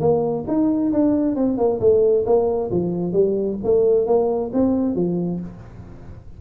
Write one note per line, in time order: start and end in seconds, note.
0.00 0.45 A#3
0.48 0.93 D#4
0.93 1.36 D4
1.36 1.58 C4
1.58 1.80 A#3
1.80 2.25 A3
2.26 2.71 A#3
2.71 3.13 F3
3.13 3.58 G3
3.64 4.06 A3
4.06 4.51 A#3
4.53 4.95 C4
4.95 5.40 F3